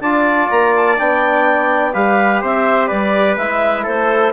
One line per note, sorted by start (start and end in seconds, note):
0.00 0.48 D4
0.00 0.97 F4
0.00 1.94 D5
0.00 0.49 A5
0.50 0.98 A#3
0.50 0.74 A#5
0.75 0.98 A5
0.97 1.94 B3
0.97 1.93 D4
0.97 1.93 G5
1.93 2.42 G3
1.93 3.37 G4
1.93 2.41 B4
1.93 2.41 F5
2.41 2.90 C4
2.41 2.88 C5
2.41 2.87 E5
2.87 3.37 G3
2.87 3.83 B4
2.87 3.35 D5
3.37 3.85 G#3
3.37 4.33 E4
3.37 3.85 E5
3.83 4.33 A3
3.83 4.31 A4
3.83 4.33 C5